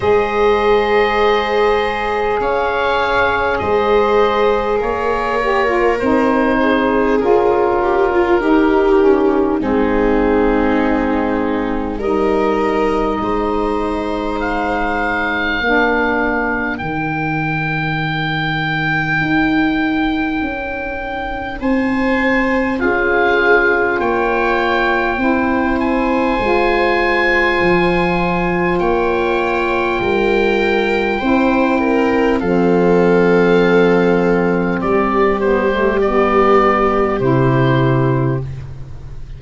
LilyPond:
<<
  \new Staff \with { instrumentName = "oboe" } { \time 4/4 \tempo 4 = 50 dis''2 f''4 dis''4 | cis''4 c''4 ais'2 | gis'2 dis''2 | f''2 g''2~ |
g''2 gis''4 f''4 | g''4. gis''2~ gis''8 | g''2. f''4~ | f''4 d''8 c''8 d''4 c''4 | }
  \new Staff \with { instrumentName = "viola" } { \time 4/4 c''2 cis''4 c''4 | ais'4. gis'4 g'16 f'16 g'4 | dis'2 ais'4 c''4~ | c''4 ais'2.~ |
ais'2 c''4 gis'4 | cis''4 c''2. | cis''4 ais'4 c''8 ais'8 a'4~ | a'4 g'2. | }
  \new Staff \with { instrumentName = "saxophone" } { \time 4/4 gis'1~ | gis'8 g'16 f'16 dis'4 f'4 dis'8 cis'8 | c'2 dis'2~ | dis'4 d'4 dis'2~ |
dis'2. f'4~ | f'4 e'4 f'2~ | f'2 e'4 c'4~ | c'4. b16 a16 b4 e'4 | }
  \new Staff \with { instrumentName = "tuba" } { \time 4/4 gis2 cis'4 gis4 | ais4 c'4 cis'4 dis'4 | gis2 g4 gis4~ | gis4 ais4 dis2 |
dis'4 cis'4 c'4 cis'4 | ais4 c'4 gis4 f4 | ais4 g4 c'4 f4~ | f4 g2 c4 | }
>>